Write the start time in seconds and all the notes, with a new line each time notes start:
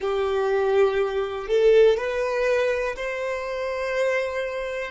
0.00 G4
1.48 A4
1.97 B4
2.96 C5